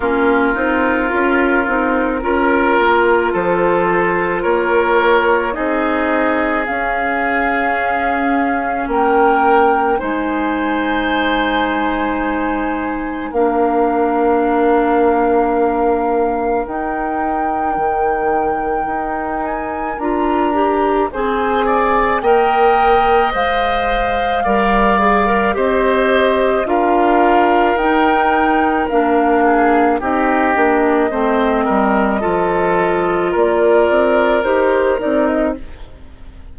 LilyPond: <<
  \new Staff \with { instrumentName = "flute" } { \time 4/4 \tempo 4 = 54 ais'2. c''4 | cis''4 dis''4 f''2 | g''4 gis''2. | f''2. g''4~ |
g''4. gis''8 ais''4 gis''4 | g''4 f''2 dis''4 | f''4 g''4 f''4 dis''4~ | dis''2 d''4 c''8 d''16 dis''16 | }
  \new Staff \with { instrumentName = "oboe" } { \time 4/4 f'2 ais'4 a'4 | ais'4 gis'2. | ais'4 c''2. | ais'1~ |
ais'2. c''8 d''8 | dis''2 d''4 c''4 | ais'2~ ais'8 gis'8 g'4 | c''8 ais'8 a'4 ais'2 | }
  \new Staff \with { instrumentName = "clarinet" } { \time 4/4 cis'8 dis'8 f'8 dis'8 f'2~ | f'4 dis'4 cis'2~ | cis'4 dis'2. | d'2. dis'4~ |
dis'2 f'8 g'8 gis'4 | ais'4 c''4 ais'8 gis'16 ais'16 g'4 | f'4 dis'4 d'4 dis'8 d'8 | c'4 f'2 g'8 dis'8 | }
  \new Staff \with { instrumentName = "bassoon" } { \time 4/4 ais8 c'8 cis'8 c'8 cis'8 ais8 f4 | ais4 c'4 cis'2 | ais4 gis2. | ais2. dis'4 |
dis4 dis'4 d'4 c'4 | ais4 gis4 g4 c'4 | d'4 dis'4 ais4 c'8 ais8 | a8 g8 f4 ais8 c'8 dis'8 c'8 | }
>>